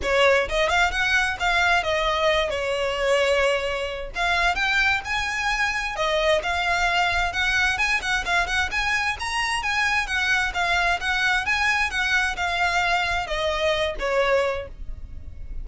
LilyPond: \new Staff \with { instrumentName = "violin" } { \time 4/4 \tempo 4 = 131 cis''4 dis''8 f''8 fis''4 f''4 | dis''4. cis''2~ cis''8~ | cis''4 f''4 g''4 gis''4~ | gis''4 dis''4 f''2 |
fis''4 gis''8 fis''8 f''8 fis''8 gis''4 | ais''4 gis''4 fis''4 f''4 | fis''4 gis''4 fis''4 f''4~ | f''4 dis''4. cis''4. | }